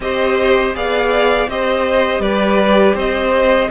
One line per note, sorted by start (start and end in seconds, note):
0.00 0.74 C4
0.00 0.73 G4
0.00 0.75 C5
0.00 0.75 D#5
0.73 1.47 B3
0.73 1.48 G#4
0.73 1.50 D5
0.73 1.49 F5
1.47 2.19 C4
1.47 3.70 G4
1.47 2.21 C5
1.47 2.21 D#5
2.19 2.93 G3
2.19 2.95 B4
2.19 2.95 D5
2.94 3.68 C4
2.94 3.69 C5
2.94 3.70 D#5